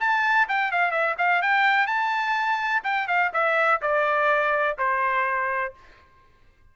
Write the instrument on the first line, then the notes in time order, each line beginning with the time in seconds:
trumpet
0.00 A5
0.48 G5
0.72 F5
0.91 E5
1.18 F5
1.42 G5
1.87 A5
2.84 G5
3.08 F5
3.33 E5
3.81 D5
4.78 C5